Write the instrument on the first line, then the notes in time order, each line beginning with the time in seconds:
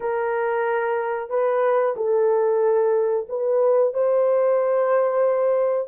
horn
0.00 A#4
1.29 B4
1.96 A4
3.28 B4
3.93 C5